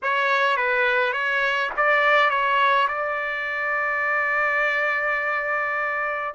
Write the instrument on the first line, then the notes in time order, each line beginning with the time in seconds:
trumpet
0.02 C#5
0.56 B4
1.12 C#5
1.76 D5
2.30 C#5
2.88 D5